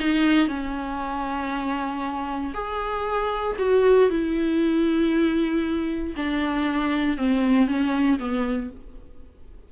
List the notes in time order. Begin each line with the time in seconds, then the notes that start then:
0.00 D#4
0.48 C#4
2.54 G#4
3.59 F#4
4.10 E4
6.17 D4
7.17 C4
7.68 C#4
8.19 B3